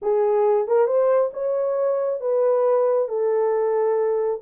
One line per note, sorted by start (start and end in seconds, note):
0.01 0.67 G#4
0.67 0.86 A#4
0.86 1.30 C5
1.33 2.20 C#5
2.20 3.08 B4
3.08 4.41 A4